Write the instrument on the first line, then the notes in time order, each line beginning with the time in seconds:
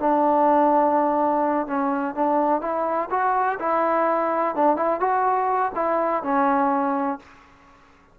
trombone
0.00 D4
1.67 C#4
2.15 D4
2.62 E4
3.11 F#4
3.60 E4
4.56 D4
4.77 E4
5.01 F#4
5.76 E4
6.24 C#4